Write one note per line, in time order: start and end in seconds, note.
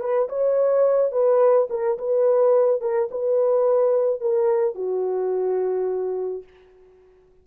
0.00 0.28 B4
0.29 1.11 C#5
1.11 1.68 B4
1.69 1.98 A#4
1.98 2.81 B4
2.81 3.09 A#4
3.11 4.20 B4
4.20 4.75 A#4
4.75 6.43 F#4